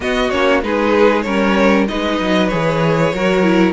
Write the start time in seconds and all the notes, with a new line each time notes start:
0.00 B3 F#4 D#5
0.30 A#3 C#4 C#5
0.62 G#3 D#4 G#4 B4
1.22 G3 C#4 A#4 C#5
1.88 G#3 D#4 B4 D#5
2.20 F#3
2.48 E3 G#4 C#5
3.13 F#3 F#4 A#4
3.42 E4